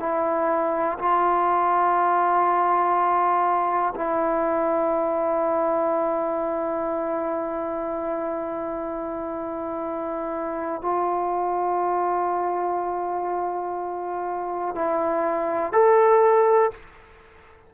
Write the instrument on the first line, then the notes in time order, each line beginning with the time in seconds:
trombone
0.00 E4
0.99 F4
3.95 E4
10.82 F4
14.75 E4
15.73 A4